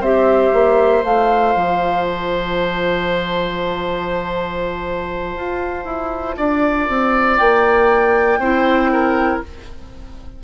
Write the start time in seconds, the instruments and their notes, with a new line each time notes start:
0.00 bassoon C4, clarinet G4, oboe C5, flute E5
0.53 bassoon A#3
1.04 bassoon A3, clarinet F4, flute F5
1.55 bassoon F3
2.04 flute A5
5.36 bassoon F4
5.85 bassoon E4
6.37 bassoon D4, oboe D5
6.89 bassoon C4
7.37 bassoon A#3, flute G5
8.38 bassoon C4, clarinet E4, oboe C5
8.92 oboe A#4